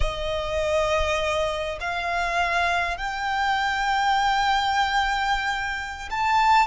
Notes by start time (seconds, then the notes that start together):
0.00 D#5
1.80 F5
2.97 G5
6.10 A5